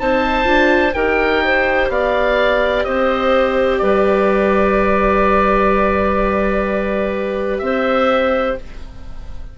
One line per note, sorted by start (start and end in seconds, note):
0.00 0.47 C4
0.00 0.45 D#4
0.00 0.96 C5
0.00 0.94 A5
0.45 0.94 D4
0.45 0.92 F4
0.94 1.90 D#4
0.94 8.58 G4
0.94 1.43 A#4
0.94 1.89 G5
1.45 1.92 C5
1.90 2.85 B3
1.90 2.87 D5
1.90 2.84 F5
2.84 3.82 C4
2.84 3.82 C5
2.84 3.78 D#5
3.78 7.61 G3
3.78 7.63 B4
3.78 7.59 D5
7.59 8.57 C4
7.59 8.59 C5
7.59 8.54 E5